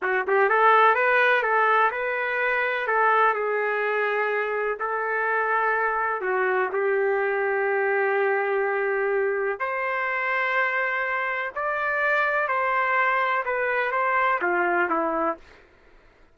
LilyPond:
\new Staff \with { instrumentName = "trumpet" } { \time 4/4 \tempo 4 = 125 fis'8 g'8 a'4 b'4 a'4 | b'2 a'4 gis'4~ | gis'2 a'2~ | a'4 fis'4 g'2~ |
g'1 | c''1 | d''2 c''2 | b'4 c''4 f'4 e'4 | }